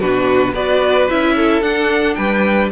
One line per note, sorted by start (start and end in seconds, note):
0.00 0.54 B2
0.00 0.55 D4
0.00 0.53 F#4
0.00 0.54 B4
0.53 1.08 B3
0.53 1.09 F#4
0.53 1.34 B4
0.53 1.09 D5
1.09 1.62 C#4
1.09 1.63 E4
1.09 1.62 E5
1.35 2.17 A4
1.62 2.16 D4
1.62 2.71 D4
1.62 2.15 F#5
2.15 2.72 G3
2.15 2.71 B4
2.15 2.69 G5